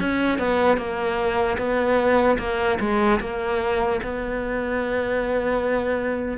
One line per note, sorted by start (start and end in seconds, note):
0.00 0.39 C#4
0.39 0.77 B3
0.77 1.58 A#3
1.58 2.38 B3
2.39 2.79 A#3
2.80 3.20 G#3
3.20 4.00 A#3
4.04 6.38 B3